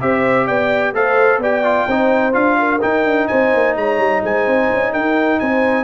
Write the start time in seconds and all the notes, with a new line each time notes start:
0.00 C4 G4 C5 E5
0.46 B3 D5 G5
0.93 A3 A4 C5 F5
1.38 B3 G4 D5 G5
1.64 F4
1.88 C4 D#4 C5
2.33 D4 F4 F5
2.59 A#4
2.81 D#4 G5
3.04 D4
3.27 C4 C5 G#5
3.53 A#3
3.76 G#3 C#5 A#5
3.98 G3
4.23 G#3 C5 G#5
4.47 C4
4.73 C#4
4.92 D#4 A#4 G5
5.39 C4 C5 G#5